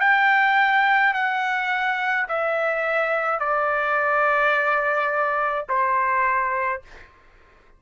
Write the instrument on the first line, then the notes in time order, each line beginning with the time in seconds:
trumpet
0.00 G5
1.13 F#5
2.28 E5
3.39 D5
5.68 C5